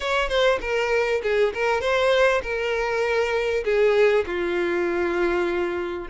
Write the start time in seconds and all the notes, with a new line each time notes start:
0.00 C#5
0.29 C5
0.61 A#4
1.23 G#4
1.53 A#4
1.80 C5
2.42 A#4
3.64 G#4
4.26 F4